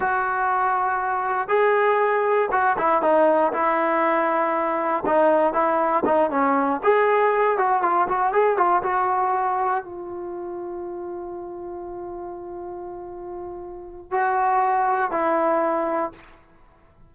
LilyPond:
\new Staff \with { instrumentName = "trombone" } { \time 4/4 \tempo 4 = 119 fis'2. gis'4~ | gis'4 fis'8 e'8 dis'4 e'4~ | e'2 dis'4 e'4 | dis'8 cis'4 gis'4. fis'8 f'8 |
fis'8 gis'8 f'8 fis'2 f'8~ | f'1~ | f'1 | fis'2 e'2 | }